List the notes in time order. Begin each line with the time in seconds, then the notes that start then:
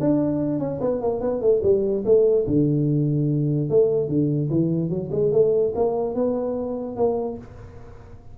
0.00 D4
0.59 C#4
0.81 B3
1.01 A#3
1.21 B3
1.41 A3
1.63 G3
2.05 A3
2.47 D3
3.69 A3
4.08 D3
4.50 E3
4.89 F#3
5.12 G#3
5.32 A3
5.75 A#3
6.15 B3
6.96 A#3